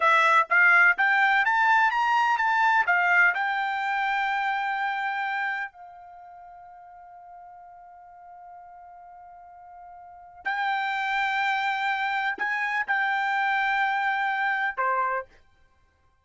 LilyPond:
\new Staff \with { instrumentName = "trumpet" } { \time 4/4 \tempo 4 = 126 e''4 f''4 g''4 a''4 | ais''4 a''4 f''4 g''4~ | g''1 | f''1~ |
f''1~ | f''2 g''2~ | g''2 gis''4 g''4~ | g''2. c''4 | }